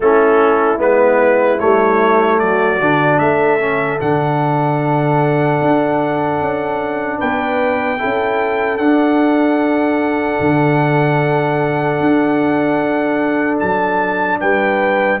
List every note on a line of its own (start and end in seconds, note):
0.00 0.78 A3
0.00 0.78 C#4
0.00 2.41 E4
0.00 0.81 A4
0.78 1.58 G#3
0.78 1.58 B3
0.78 1.59 B4
1.59 2.41 G3
1.59 2.80 A3
1.59 2.39 C#5
2.39 2.80 F#3
2.39 3.20 F#4
2.39 3.19 D5
2.80 3.19 D3
2.80 3.59 D4
3.19 3.99 A3
3.19 7.18 A4
3.19 3.99 E5
3.59 3.99 C#4
4.00 5.61 D3
4.00 7.98 D4
4.00 7.20 F#5
5.61 6.40 D4
6.40 7.20 C#4
7.18 8.01 B3
7.18 7.98 B4
7.18 8.77 G5
7.98 8.78 E4
7.98 14.39 A4
8.04 8.78 C#4
8.77 10.38 D4
8.77 15.20 D4
8.77 13.57 F#5
10.40 12.00 D3
12.00 13.60 D4
13.59 14.41 F#3
13.59 14.39 A5
14.40 15.20 G3
14.40 15.20 B4
14.40 15.20 G5